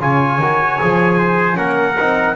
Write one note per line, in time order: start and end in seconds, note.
0.00 0.39 C#3
0.00 0.40 F4
0.00 1.18 C#5
0.00 1.57 G#5
0.39 0.78 D#3
0.39 0.81 F#4
0.81 1.58 F3
0.81 1.54 G#4
1.18 1.57 C5
1.54 1.98 A#3
1.54 1.94 C#4
1.54 2.36 A#4
1.54 2.36 F#5
2.00 2.36 C4
2.00 2.36 D#4